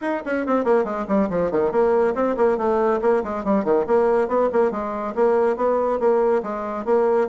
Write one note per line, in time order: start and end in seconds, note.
0.01 0.22 D#4
0.25 0.46 C#4
0.46 0.64 C4
0.64 0.84 A#3
0.84 1.05 G#3
1.07 1.29 G3
1.29 1.51 F3
1.51 1.71 D#3
1.71 2.14 A#3
2.14 2.36 C4
2.36 2.57 A#3
2.57 3.00 A3
3.01 3.23 A#3
3.23 3.44 G#3
3.44 3.64 G3
3.64 3.85 D#3
3.86 4.27 A#3
4.27 4.49 B3
4.52 4.71 A#3
4.71 5.14 G#3
5.15 5.56 A#3
5.56 5.99 B3
5.99 6.42 A#3
6.42 6.85 G#3
6.85 7.28 A#3